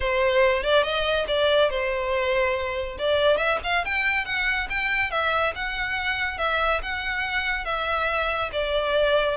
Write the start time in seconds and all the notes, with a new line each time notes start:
0.00 C5
0.63 D5
0.83 D#5
1.27 D5
1.70 C5
2.98 D5
3.37 E5
3.63 F5
3.84 G5
4.25 F#5
4.69 G5
5.10 E5
5.55 F#5
6.38 E5
6.82 F#5
7.65 E5
8.52 D5